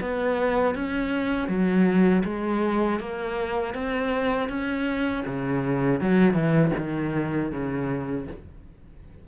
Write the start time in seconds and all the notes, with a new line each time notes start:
0.00 B3
0.75 C#4
1.48 F#3
2.24 G#3
3.00 A#3
3.74 C4
4.49 C#4
5.26 C#3
6.00 F#3
6.33 E3
6.77 D#3
7.51 C#3